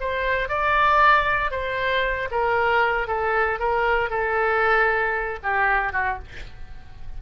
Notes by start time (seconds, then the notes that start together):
0.00 C5
0.48 D5
1.51 C5
2.31 A#4
3.08 A4
3.59 A#4
4.10 A4
5.43 G4
5.93 F#4